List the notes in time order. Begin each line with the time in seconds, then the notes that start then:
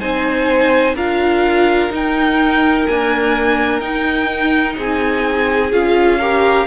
0.00 C4 D#4 C5 G#5
0.95 D4 F4 A#4 F5
1.91 D#4 G5
2.87 A#3 D4 G#5
3.81 D#4 G5
4.77 C4 G#4 G#5
5.72 C#4 F4 F5
6.19 G4 A#4